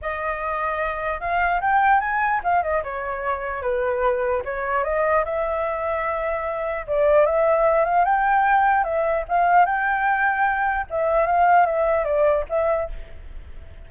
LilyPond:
\new Staff \with { instrumentName = "flute" } { \time 4/4 \tempo 4 = 149 dis''2. f''4 | g''4 gis''4 f''8 dis''8 cis''4~ | cis''4 b'2 cis''4 | dis''4 e''2.~ |
e''4 d''4 e''4. f''8 | g''2 e''4 f''4 | g''2. e''4 | f''4 e''4 d''4 e''4 | }